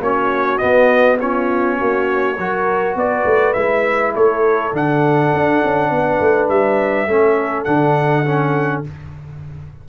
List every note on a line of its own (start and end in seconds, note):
0.00 0.59 A#3
0.00 0.59 C#4
0.00 1.21 F#4
0.00 0.58 C#5
0.58 1.18 B3
0.58 1.81 B3
0.58 1.17 D#5
1.19 2.37 C#4
1.19 1.78 F4
1.19 2.97 C#5
1.78 2.38 A#3
1.78 2.37 F#4
2.38 2.95 F#3
2.38 3.55 F#4
2.38 2.98 A#4
2.95 3.25 B3
2.95 4.14 B4
2.95 3.53 D5
3.26 3.55 A3
3.53 4.15 G#3
3.53 4.73 E4
3.53 4.12 E5
4.14 4.72 A3
4.14 5.91 A4
4.14 4.75 C#5
4.72 5.31 D3
4.72 7.08 D4
4.72 6.49 F#5
5.34 5.63 D4
5.64 5.90 C#4
5.90 6.20 B3
5.90 7.10 B4
6.20 6.49 A3
6.49 7.07 G3
6.49 7.64 E5
7.07 7.66 A3
7.07 7.66 C#4
7.07 8.89 A4
7.64 8.85 D3
7.64 8.25 D4
7.64 8.82 F#5
8.25 8.84 C#4